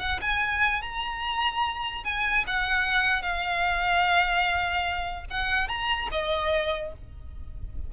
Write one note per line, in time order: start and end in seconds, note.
0.00 0.20 F#5
0.22 0.83 G#5
0.83 2.04 A#5
2.05 2.45 G#5
2.47 3.23 F#5
3.23 5.26 F5
5.31 5.68 F#5
5.68 6.09 A#5
6.12 6.93 D#5